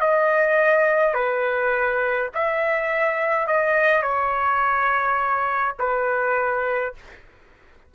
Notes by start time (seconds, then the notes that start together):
0.00 D#5
1.14 B4
2.34 E5
3.47 D#5
4.02 C#5
5.78 B4